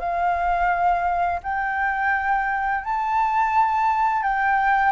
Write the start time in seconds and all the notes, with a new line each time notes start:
0.00 F5
1.43 G5
2.85 A5
4.24 G5